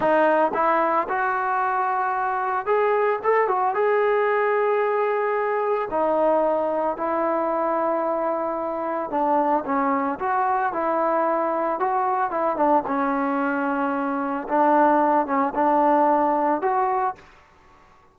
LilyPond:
\new Staff \with { instrumentName = "trombone" } { \time 4/4 \tempo 4 = 112 dis'4 e'4 fis'2~ | fis'4 gis'4 a'8 fis'8 gis'4~ | gis'2. dis'4~ | dis'4 e'2.~ |
e'4 d'4 cis'4 fis'4 | e'2 fis'4 e'8 d'8 | cis'2. d'4~ | d'8 cis'8 d'2 fis'4 | }